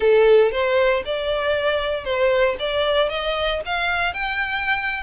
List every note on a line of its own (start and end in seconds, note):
0.00 0.51 A4
0.51 1.03 C5
1.05 2.04 D5
2.04 2.56 C5
2.59 3.09 D5
3.09 3.60 D#5
3.65 4.13 F5
4.13 5.03 G5